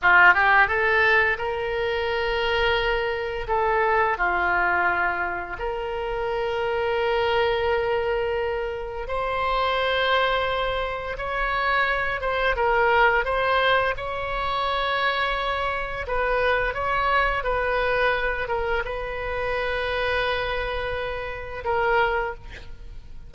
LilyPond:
\new Staff \with { instrumentName = "oboe" } { \time 4/4 \tempo 4 = 86 f'8 g'8 a'4 ais'2~ | ais'4 a'4 f'2 | ais'1~ | ais'4 c''2. |
cis''4. c''8 ais'4 c''4 | cis''2. b'4 | cis''4 b'4. ais'8 b'4~ | b'2. ais'4 | }